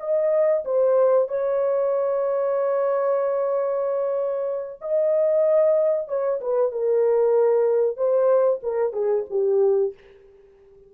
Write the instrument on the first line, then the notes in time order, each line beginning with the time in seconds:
horn
0.00 D#5
0.65 C5
1.29 C#5
4.82 D#5
6.08 C#5
6.41 B4
6.72 A#4
7.97 C5
8.63 A#4
8.93 G#4
9.30 G4